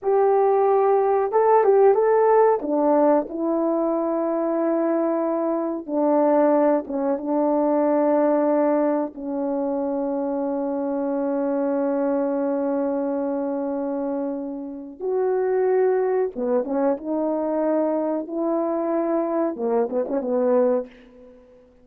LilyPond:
\new Staff \with { instrumentName = "horn" } { \time 4/4 \tempo 4 = 92 g'2 a'8 g'8 a'4 | d'4 e'2.~ | e'4 d'4. cis'8 d'4~ | d'2 cis'2~ |
cis'1~ | cis'2. fis'4~ | fis'4 b8 cis'8 dis'2 | e'2 ais8 b16 cis'16 b4 | }